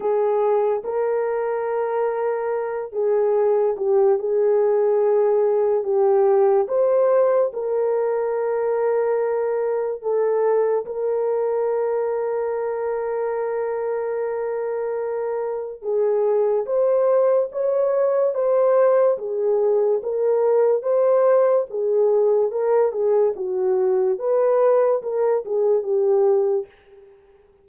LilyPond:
\new Staff \with { instrumentName = "horn" } { \time 4/4 \tempo 4 = 72 gis'4 ais'2~ ais'8 gis'8~ | gis'8 g'8 gis'2 g'4 | c''4 ais'2. | a'4 ais'2.~ |
ais'2. gis'4 | c''4 cis''4 c''4 gis'4 | ais'4 c''4 gis'4 ais'8 gis'8 | fis'4 b'4 ais'8 gis'8 g'4 | }